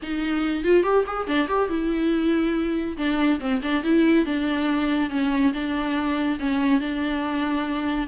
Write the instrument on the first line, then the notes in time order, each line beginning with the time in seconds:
viola
0.02 D#4
0.64 F4
0.83 G4
1.06 G#4
1.27 D4
1.48 G4
1.69 E4
2.97 D4
3.39 C4
3.62 D4
3.83 E4
4.25 D4
5.10 C#4
5.53 D4
6.39 C#4
6.80 D4